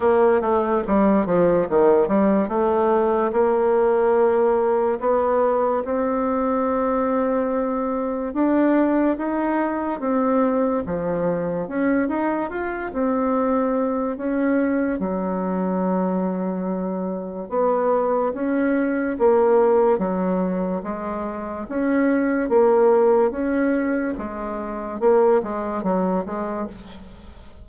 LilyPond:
\new Staff \with { instrumentName = "bassoon" } { \time 4/4 \tempo 4 = 72 ais8 a8 g8 f8 dis8 g8 a4 | ais2 b4 c'4~ | c'2 d'4 dis'4 | c'4 f4 cis'8 dis'8 f'8 c'8~ |
c'4 cis'4 fis2~ | fis4 b4 cis'4 ais4 | fis4 gis4 cis'4 ais4 | cis'4 gis4 ais8 gis8 fis8 gis8 | }